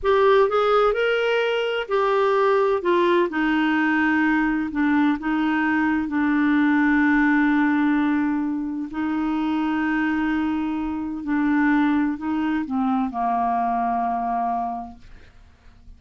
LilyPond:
\new Staff \with { instrumentName = "clarinet" } { \time 4/4 \tempo 4 = 128 g'4 gis'4 ais'2 | g'2 f'4 dis'4~ | dis'2 d'4 dis'4~ | dis'4 d'2.~ |
d'2. dis'4~ | dis'1 | d'2 dis'4 c'4 | ais1 | }